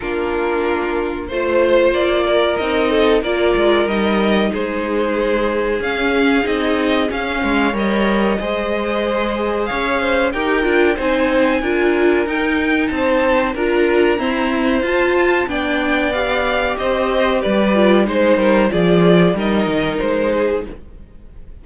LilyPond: <<
  \new Staff \with { instrumentName = "violin" } { \time 4/4 \tempo 4 = 93 ais'2 c''4 d''4 | dis''4 d''4 dis''4 c''4~ | c''4 f''4 dis''4 f''4 | dis''2. f''4 |
g''4 gis''2 g''4 | a''4 ais''2 a''4 | g''4 f''4 dis''4 d''4 | c''4 d''4 dis''4 c''4 | }
  \new Staff \with { instrumentName = "violin" } { \time 4/4 f'2 c''4. ais'8~ | ais'8 a'8 ais'2 gis'4~ | gis'2.~ gis'8 cis''8~ | cis''4 c''2 cis''8 c''8 |
ais'4 c''4 ais'2 | c''4 ais'4 c''2 | d''2 c''4 b'4 | c''8 ais'8 gis'4 ais'4. gis'8 | }
  \new Staff \with { instrumentName = "viola" } { \time 4/4 d'2 f'2 | dis'4 f'4 dis'2~ | dis'4 cis'4 dis'4 cis'4 | ais'4 gis'2. |
g'8 f'8 dis'4 f'4 dis'4~ | dis'4 f'4 c'4 f'4 | d'4 g'2~ g'8 f'8 | dis'4 f'4 dis'2 | }
  \new Staff \with { instrumentName = "cello" } { \time 4/4 ais2 a4 ais4 | c'4 ais8 gis8 g4 gis4~ | gis4 cis'4 c'4 cis'8 gis8 | g4 gis2 cis'4 |
dis'8 d'8 c'4 d'4 dis'4 | c'4 d'4 e'4 f'4 | b2 c'4 g4 | gis8 g8 f4 g8 dis8 gis4 | }
>>